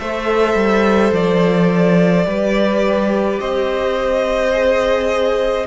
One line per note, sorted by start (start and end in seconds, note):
0.00 0.54 A3
0.00 2.25 A4
0.00 2.26 C5
0.00 1.13 E5
0.54 1.11 G3
1.12 2.25 F3
1.12 3.40 D5
2.25 3.40 G3
2.25 4.51 G4
2.25 3.40 B4
3.40 5.66 C4
3.40 5.66 C5
3.40 5.66 D#5
4.53 5.66 G#4